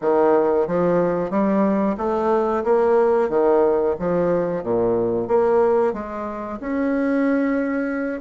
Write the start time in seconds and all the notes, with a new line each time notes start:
0.01 D#3
0.67 F3
1.30 G3
1.97 A3
2.64 A#3
3.29 D#3
3.99 F3
4.63 A#2
5.27 A#3
5.93 G#3
6.60 C#4